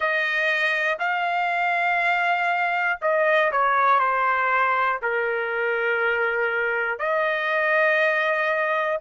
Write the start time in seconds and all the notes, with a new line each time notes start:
0.00 D#5
0.99 F5
3.00 D#5
3.51 C#5
3.99 C5
5.01 A#4
6.99 D#5